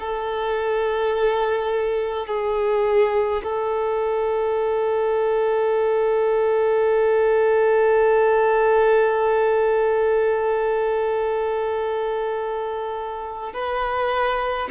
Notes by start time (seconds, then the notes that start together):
0.00 A4
2.27 G#4
3.43 A4
13.53 B4